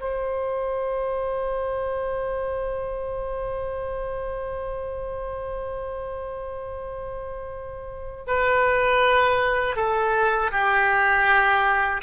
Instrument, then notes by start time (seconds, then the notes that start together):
oboe
0.00 C5
8.26 B4
9.76 A4
10.51 G4